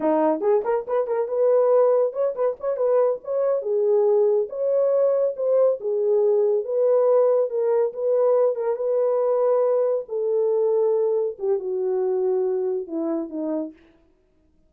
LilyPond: \new Staff \with { instrumentName = "horn" } { \time 4/4 \tempo 4 = 140 dis'4 gis'8 ais'8 b'8 ais'8 b'4~ | b'4 cis''8 b'8 cis''8 b'4 cis''8~ | cis''8 gis'2 cis''4.~ | cis''8 c''4 gis'2 b'8~ |
b'4. ais'4 b'4. | ais'8 b'2. a'8~ | a'2~ a'8 g'8 fis'4~ | fis'2 e'4 dis'4 | }